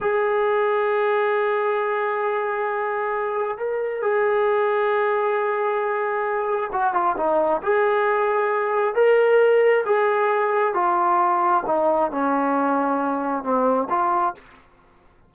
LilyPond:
\new Staff \with { instrumentName = "trombone" } { \time 4/4 \tempo 4 = 134 gis'1~ | gis'1 | ais'4 gis'2.~ | gis'2. fis'8 f'8 |
dis'4 gis'2. | ais'2 gis'2 | f'2 dis'4 cis'4~ | cis'2 c'4 f'4 | }